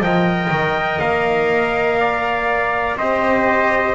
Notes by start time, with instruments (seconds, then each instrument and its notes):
0.00 double bass F3, cello A#4, trumpet D#5 G5
0.51 double bass D#3
1.00 double bass A#3, trumpet F5
2.00 trumpet D5
2.97 double bass C4, cello G4, trumpet C5 D#5